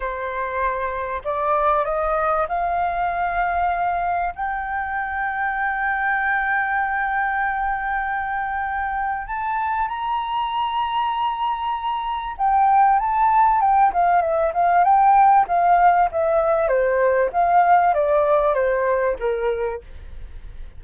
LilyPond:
\new Staff \with { instrumentName = "flute" } { \time 4/4 \tempo 4 = 97 c''2 d''4 dis''4 | f''2. g''4~ | g''1~ | g''2. a''4 |
ais''1 | g''4 a''4 g''8 f''8 e''8 f''8 | g''4 f''4 e''4 c''4 | f''4 d''4 c''4 ais'4 | }